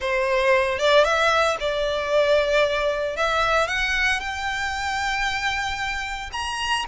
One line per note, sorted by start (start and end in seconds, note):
0.00 0.78 C5
0.78 1.04 D5
1.04 1.56 E5
1.60 3.16 D5
3.16 3.67 E5
3.67 4.20 F#5
4.20 6.30 G5
6.32 6.85 A#5